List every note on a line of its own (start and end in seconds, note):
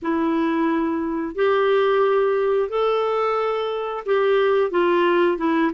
0.02 1.35 E4
1.35 2.69 G4
2.69 4.04 A4
4.05 4.70 G4
4.70 5.37 F4
5.37 5.71 E4